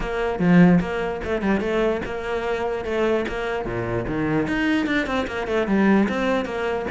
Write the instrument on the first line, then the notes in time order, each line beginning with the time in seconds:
cello
0.00 A#3
0.39 F3
0.80 A#3
1.24 A3
1.41 G3
1.60 A3
2.05 A#3
2.84 A3
3.28 A#3
3.65 A#2
4.07 D#3
4.47 D#4
4.86 D4
5.06 C4
5.27 A#3
5.47 A3
5.67 G3
6.08 C4
6.45 A#3